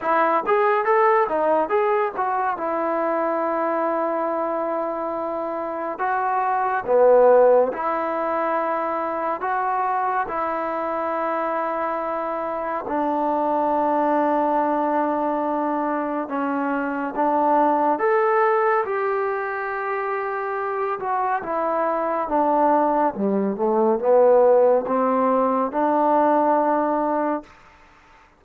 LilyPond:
\new Staff \with { instrumentName = "trombone" } { \time 4/4 \tempo 4 = 70 e'8 gis'8 a'8 dis'8 gis'8 fis'8 e'4~ | e'2. fis'4 | b4 e'2 fis'4 | e'2. d'4~ |
d'2. cis'4 | d'4 a'4 g'2~ | g'8 fis'8 e'4 d'4 g8 a8 | b4 c'4 d'2 | }